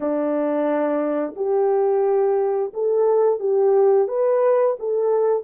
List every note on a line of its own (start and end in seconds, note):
0.00 1.34 D4
1.36 2.72 G4
2.73 3.39 A4
3.39 4.08 G4
4.08 4.76 B4
4.79 5.43 A4